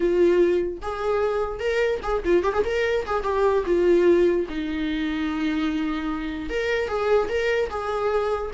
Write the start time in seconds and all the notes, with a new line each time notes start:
0.00 F4
0.82 G#4
1.59 A#4
2.02 G#4
2.25 F4
2.43 G4
2.52 G#4
2.65 A#4
3.05 G#4
3.23 G4
3.65 F4
4.49 D#4
6.49 A#4
6.88 G#4
7.29 A#4
7.70 G#4